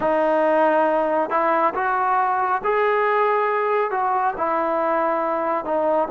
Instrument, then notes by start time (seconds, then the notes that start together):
trombone
0.00 D#4
1.30 E4
1.74 F#4
2.64 G#4
3.90 F#4
4.37 E4
5.64 D#4